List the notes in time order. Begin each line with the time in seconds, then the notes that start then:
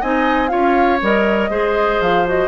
0.00 C4 D#4 D#5 G#5
0.48 C#4 F4 C#5 F5
1.01 G3 A#4 D#5
1.49 G#3 G#4 C5
2.00 F3 F5
2.25 F#4 D#5